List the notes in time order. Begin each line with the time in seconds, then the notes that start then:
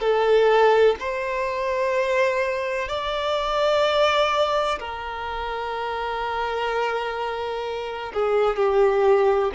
0.00 A4
0.99 C5
2.88 D5
4.79 A#4
8.13 G#4
8.56 G4